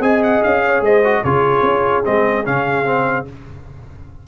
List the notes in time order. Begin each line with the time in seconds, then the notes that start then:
0.00 C4 G#4 D#5 G#5
0.23 F#5
0.43 C#4 F5
0.65 C#5
0.81 G#3 C5 D#5
1.04 F#4
1.22 C#3 F4 G#4 C#5
1.62 C#4
2.04 G#3 C4 D#5
2.45 C#3 C#4 F5
2.85 C4